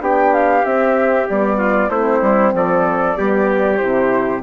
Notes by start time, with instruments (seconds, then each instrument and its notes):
0.00 bassoon B3, horn D4, trumpet G4, flute G5
0.34 flute F5
0.65 horn C4, bassoon C4, flute E5
1.29 bassoon G3, horn B3, flute D5
1.58 trumpet F4
1.89 bassoon A3, horn C4, trumpet E4, flute C5
2.21 bassoon G3
2.53 bassoon F3, trumpet A4, flute D5
3.16 bassoon G3, horn B3, trumpet G4
3.78 bassoon C3, horn E4, flute C5